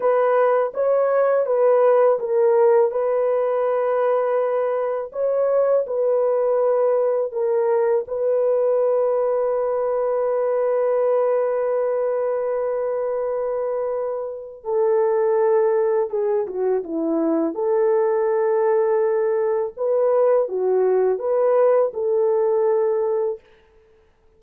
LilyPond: \new Staff \with { instrumentName = "horn" } { \time 4/4 \tempo 4 = 82 b'4 cis''4 b'4 ais'4 | b'2. cis''4 | b'2 ais'4 b'4~ | b'1~ |
b'1 | a'2 gis'8 fis'8 e'4 | a'2. b'4 | fis'4 b'4 a'2 | }